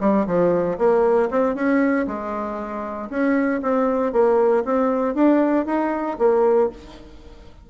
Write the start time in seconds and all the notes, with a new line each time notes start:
0.00 G3
0.26 F3
0.78 A#3
1.30 C4
1.55 C#4
2.07 G#3
3.09 C#4
3.62 C4
4.12 A#3
4.64 C4
5.14 D4
5.65 D#4
6.18 A#3